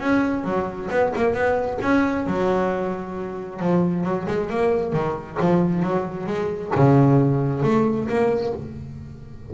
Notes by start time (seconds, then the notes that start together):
0.00 C#4
0.44 F#3
0.91 B3
1.16 A#3
1.34 B3
1.82 C#4
2.27 F#3
3.60 F3
4.04 F#3
4.28 G#3
4.50 A#3
4.93 D#3
5.41 F3
5.83 F#3
6.27 G#3
6.76 C#3
7.63 A3
8.08 A#3